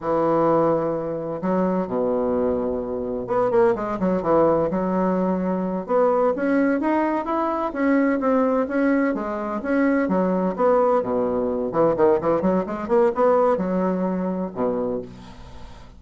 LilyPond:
\new Staff \with { instrumentName = "bassoon" } { \time 4/4 \tempo 4 = 128 e2. fis4 | b,2. b8 ais8 | gis8 fis8 e4 fis2~ | fis8 b4 cis'4 dis'4 e'8~ |
e'8 cis'4 c'4 cis'4 gis8~ | gis8 cis'4 fis4 b4 b,8~ | b,4 e8 dis8 e8 fis8 gis8 ais8 | b4 fis2 b,4 | }